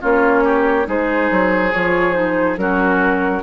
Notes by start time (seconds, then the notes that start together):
0.00 A#3 C#4 F4 C#5
0.43 G4
0.84 G#3 D#4 G#4 C5
1.30 F#3
1.72 F3 F4 C#5
2.12 D#4 C5
2.57 F#3 C#4 F#4 A#4